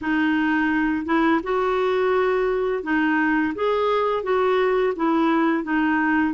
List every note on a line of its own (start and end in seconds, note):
0.01 1.05 D#4
1.05 1.41 E4
1.43 2.83 F#4
2.83 3.53 D#4
3.54 4.23 G#4
4.23 4.93 F#4
4.95 5.63 E4
5.63 6.33 D#4